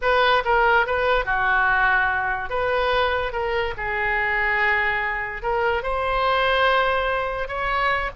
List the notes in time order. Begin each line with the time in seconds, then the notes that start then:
0.01 B4
0.44 A#4
0.86 B4
1.25 F#4
2.49 B4
3.32 A#4
3.77 G#4
5.42 A#4
5.82 C5
7.48 C#5